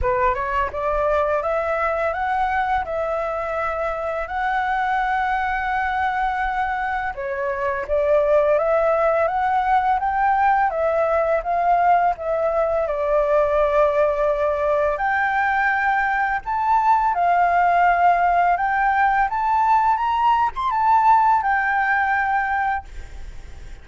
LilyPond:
\new Staff \with { instrumentName = "flute" } { \time 4/4 \tempo 4 = 84 b'8 cis''8 d''4 e''4 fis''4 | e''2 fis''2~ | fis''2 cis''4 d''4 | e''4 fis''4 g''4 e''4 |
f''4 e''4 d''2~ | d''4 g''2 a''4 | f''2 g''4 a''4 | ais''8. c'''16 a''4 g''2 | }